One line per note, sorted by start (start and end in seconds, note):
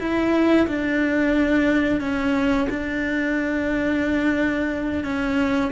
0.00 0.67 E4
0.68 2.01 D4
2.01 2.68 C#4
2.70 5.04 D4
5.04 5.72 C#4